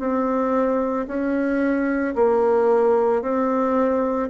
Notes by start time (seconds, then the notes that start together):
0.00 C4
1.08 C#4
2.16 A#3
3.22 C4